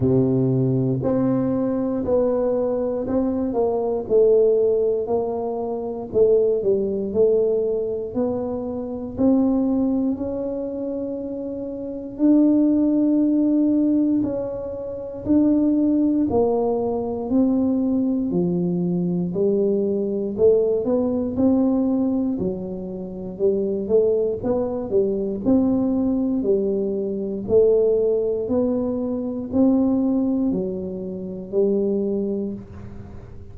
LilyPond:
\new Staff \with { instrumentName = "tuba" } { \time 4/4 \tempo 4 = 59 c4 c'4 b4 c'8 ais8 | a4 ais4 a8 g8 a4 | b4 c'4 cis'2 | d'2 cis'4 d'4 |
ais4 c'4 f4 g4 | a8 b8 c'4 fis4 g8 a8 | b8 g8 c'4 g4 a4 | b4 c'4 fis4 g4 | }